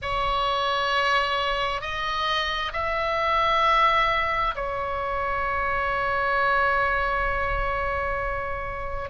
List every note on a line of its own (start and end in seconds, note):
0.02 1.81 C#5
1.81 2.72 D#5
2.73 4.55 E5
4.55 9.09 C#5